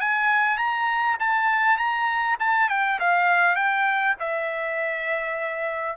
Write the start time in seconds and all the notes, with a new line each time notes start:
0.00 G#5
0.57 A#5
1.19 A5
1.77 A#5
2.39 A5
2.69 G5
2.99 F5
3.55 G5
4.19 E5